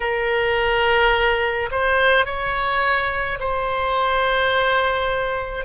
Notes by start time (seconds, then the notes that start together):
0.00 A#4
1.71 C5
2.25 C#5
3.39 C5